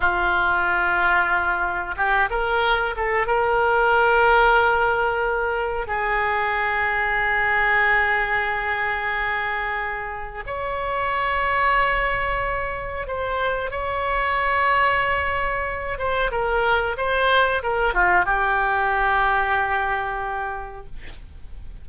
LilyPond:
\new Staff \with { instrumentName = "oboe" } { \time 4/4 \tempo 4 = 92 f'2. g'8 ais'8~ | ais'8 a'8 ais'2.~ | ais'4 gis'2.~ | gis'1 |
cis''1 | c''4 cis''2.~ | cis''8 c''8 ais'4 c''4 ais'8 f'8 | g'1 | }